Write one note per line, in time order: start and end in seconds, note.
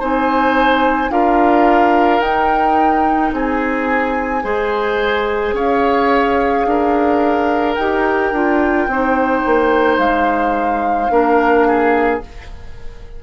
0.00 1.10 C4
0.00 1.10 D#4
0.00 1.11 C5
0.00 1.11 G#5
1.10 2.21 D4
1.10 2.21 F4
1.10 3.34 A#4
1.10 2.21 F5
2.21 3.32 D#4
2.21 4.43 D#4
2.21 3.32 G5
3.32 4.43 C4
3.32 4.44 G#4
3.32 5.56 G#5
4.43 5.53 G#3
4.43 7.76 G#4
4.43 5.55 C5
5.53 6.64 C#4
5.53 6.66 C#5
5.53 7.75 F5
6.66 7.77 D4
6.66 8.91 A#4
7.75 8.32 D#4
7.75 8.34 G4
7.75 9.97 G5
8.32 8.87 D4
8.32 8.89 F4
8.87 9.43 C4
8.87 11.10 D#4
8.87 11.12 C5
9.46 9.98 A#3
9.98 11.09 G#3
9.98 12.20 F5
11.10 12.21 A#3
11.10 12.21 D4
11.10 11.67 A#4
11.67 12.23 G#4